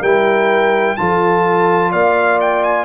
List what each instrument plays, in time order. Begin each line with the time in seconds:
0.00 tuba G3, trombone E4, horn A#4, trumpet G5
0.96 tuba F3, trombone F4, horn A4, trumpet A5
1.91 tuba A#3, horn D5, trumpet F5
2.40 trumpet G5
2.63 trumpet G#5